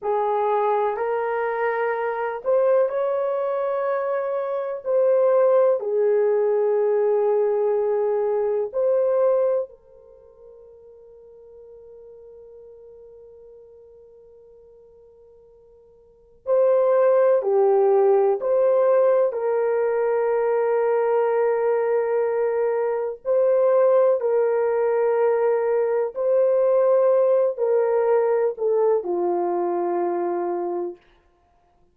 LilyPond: \new Staff \with { instrumentName = "horn" } { \time 4/4 \tempo 4 = 62 gis'4 ais'4. c''8 cis''4~ | cis''4 c''4 gis'2~ | gis'4 c''4 ais'2~ | ais'1~ |
ais'4 c''4 g'4 c''4 | ais'1 | c''4 ais'2 c''4~ | c''8 ais'4 a'8 f'2 | }